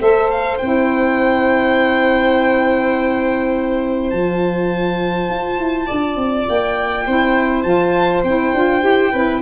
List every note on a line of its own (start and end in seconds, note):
0.00 0.59 A3
0.00 0.59 A4
0.00 5.86 C5
0.00 0.30 E5
0.30 0.58 F5
0.58 4.12 C4
0.58 4.13 E4
0.58 4.09 G5
4.09 5.29 F3
4.09 7.07 F4
4.09 6.45 A5
5.29 5.58 F4
5.58 5.87 E4
5.86 6.16 D4
5.86 7.04 D5
6.16 6.45 C4
6.49 7.06 A#3
6.49 7.62 G5
7.06 7.64 C4
7.06 7.64 E4
7.06 9.11 C5
7.62 8.23 F3
7.62 8.23 F4
7.62 8.21 A5
8.23 8.52 C4
8.23 8.56 E4
8.23 9.41 G5
8.54 8.83 D4
8.54 8.81 F4
8.81 9.12 E4
8.81 9.11 G4
9.11 9.41 C4
9.11 9.41 E4
9.11 9.40 B4